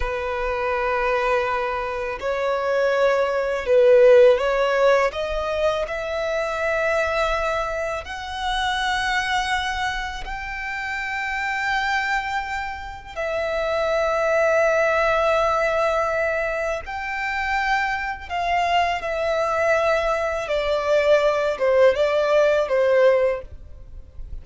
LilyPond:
\new Staff \with { instrumentName = "violin" } { \time 4/4 \tempo 4 = 82 b'2. cis''4~ | cis''4 b'4 cis''4 dis''4 | e''2. fis''4~ | fis''2 g''2~ |
g''2 e''2~ | e''2. g''4~ | g''4 f''4 e''2 | d''4. c''8 d''4 c''4 | }